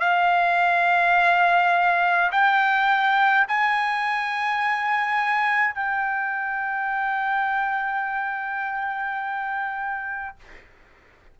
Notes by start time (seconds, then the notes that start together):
0.00 F5
2.31 G5
3.48 G#5
5.74 G5